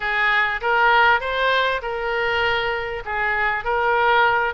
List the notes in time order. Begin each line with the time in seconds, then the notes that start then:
0.00 G#4
0.61 A#4
1.20 C5
1.82 A#4
3.05 G#4
3.64 A#4